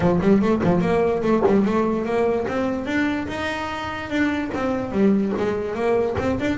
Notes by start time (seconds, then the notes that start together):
0.00 F3
0.21 G3
0.41 A3
0.63 F3
0.80 A#3
1.22 A3
1.46 G3
1.65 A3
2.05 A#3
2.48 C4
2.86 D4
3.27 D#4
4.09 D4
4.53 C4
4.91 G3
5.37 G#3
5.74 A#3
6.18 C4
6.39 D4